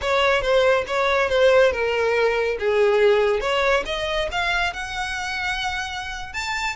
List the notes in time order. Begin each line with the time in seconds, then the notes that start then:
0.01 C#5
0.41 C5
0.87 C#5
1.29 C5
1.72 A#4
2.59 G#4
3.40 C#5
3.85 D#5
4.31 F5
4.73 F#5
6.33 A5